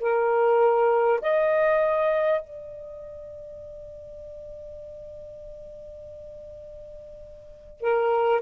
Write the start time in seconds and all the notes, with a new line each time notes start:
0.00 A#4
1.21 D#5
2.41 D5
7.81 A#4